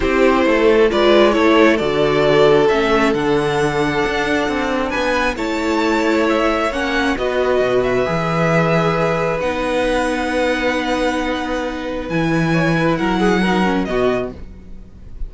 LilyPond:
<<
  \new Staff \with { instrumentName = "violin" } { \time 4/4 \tempo 4 = 134 c''2 d''4 cis''4 | d''2 e''4 fis''4~ | fis''2. gis''4 | a''2 e''4 fis''4 |
dis''4. e''2~ e''8~ | e''4 fis''2.~ | fis''2. gis''4~ | gis''4 fis''2 dis''4 | }
  \new Staff \with { instrumentName = "violin" } { \time 4/4 g'4 a'4 b'4 a'4~ | a'1~ | a'2. b'4 | cis''1 |
b'1~ | b'1~ | b'1 | cis''8 b'8 ais'8 gis'8 ais'4 fis'4 | }
  \new Staff \with { instrumentName = "viola" } { \time 4/4 e'2 f'4 e'4 | fis'2 cis'4 d'4~ | d'1 | e'2. cis'4 |
fis'2 gis'2~ | gis'4 dis'2.~ | dis'2. e'4~ | e'2 dis'8 cis'8 b4 | }
  \new Staff \with { instrumentName = "cello" } { \time 4/4 c'4 a4 gis4 a4 | d2 a4 d4~ | d4 d'4 c'4 b4 | a2. ais4 |
b4 b,4 e2~ | e4 b2.~ | b2. e4~ | e4 fis2 b,4 | }
>>